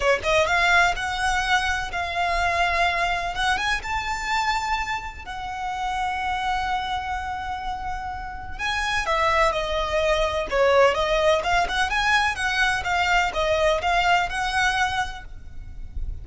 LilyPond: \new Staff \with { instrumentName = "violin" } { \time 4/4 \tempo 4 = 126 cis''8 dis''8 f''4 fis''2 | f''2. fis''8 gis''8 | a''2. fis''4~ | fis''1~ |
fis''2 gis''4 e''4 | dis''2 cis''4 dis''4 | f''8 fis''8 gis''4 fis''4 f''4 | dis''4 f''4 fis''2 | }